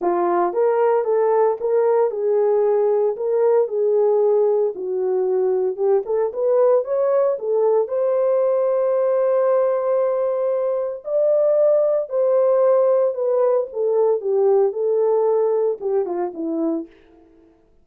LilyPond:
\new Staff \with { instrumentName = "horn" } { \time 4/4 \tempo 4 = 114 f'4 ais'4 a'4 ais'4 | gis'2 ais'4 gis'4~ | gis'4 fis'2 g'8 a'8 | b'4 cis''4 a'4 c''4~ |
c''1~ | c''4 d''2 c''4~ | c''4 b'4 a'4 g'4 | a'2 g'8 f'8 e'4 | }